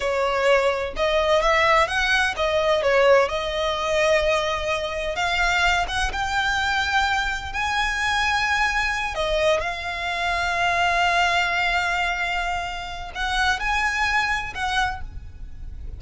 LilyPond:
\new Staff \with { instrumentName = "violin" } { \time 4/4 \tempo 4 = 128 cis''2 dis''4 e''4 | fis''4 dis''4 cis''4 dis''4~ | dis''2. f''4~ | f''8 fis''8 g''2. |
gis''2.~ gis''8 dis''8~ | dis''8 f''2.~ f''8~ | f''1 | fis''4 gis''2 fis''4 | }